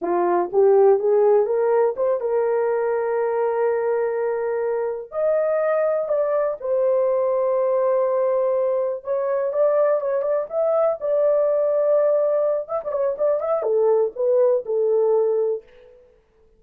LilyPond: \new Staff \with { instrumentName = "horn" } { \time 4/4 \tempo 4 = 123 f'4 g'4 gis'4 ais'4 | c''8 ais'2.~ ais'8~ | ais'2~ ais'8 dis''4.~ | dis''8 d''4 c''2~ c''8~ |
c''2~ c''8 cis''4 d''8~ | d''8 cis''8 d''8 e''4 d''4.~ | d''2 e''16 d''16 cis''8 d''8 e''8 | a'4 b'4 a'2 | }